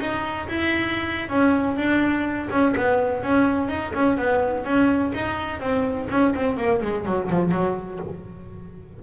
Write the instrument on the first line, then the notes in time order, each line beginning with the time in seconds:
double bass
0.00 D#4
0.48 E4
1.29 C#4
1.77 D4
2.51 C#4
2.77 B3
3.23 C#4
3.69 D#4
3.94 C#4
4.18 B3
4.65 C#4
5.14 D#4
5.60 C4
6.10 C#4
6.35 C4
6.57 A#3
6.82 G#3
7.06 F#3
7.30 F3
7.52 F#3